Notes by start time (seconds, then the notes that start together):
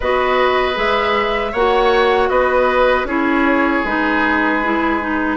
0.00 B3 F#4 B4 D#5
0.74 G#3 G#4 E5
1.52 A#3 F#4 C#5 F#5
2.29 B3 B4 D#5
3.04 C#4 E4 G#4 C#5
3.84 G#3 D#4 B4
4.63 E4
5.00 D#4